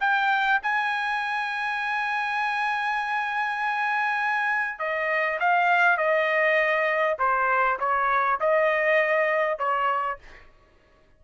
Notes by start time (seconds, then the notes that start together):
0.00 G5
0.62 G#5
4.79 D#5
5.39 F5
5.97 D#5
7.18 C5
7.79 C#5
8.40 D#5
9.58 C#5